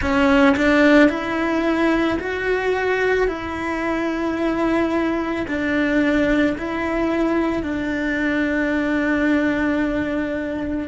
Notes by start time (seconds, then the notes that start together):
0.01 C#4
0.56 D4
1.09 E4
2.19 F#4
3.27 E4
5.47 D4
6.58 E4
7.63 D4